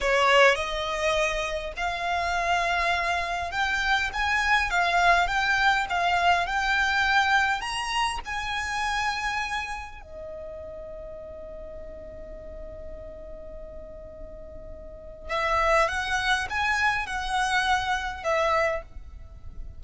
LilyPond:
\new Staff \with { instrumentName = "violin" } { \time 4/4 \tempo 4 = 102 cis''4 dis''2 f''4~ | f''2 g''4 gis''4 | f''4 g''4 f''4 g''4~ | g''4 ais''4 gis''2~ |
gis''4 dis''2.~ | dis''1~ | dis''2 e''4 fis''4 | gis''4 fis''2 e''4 | }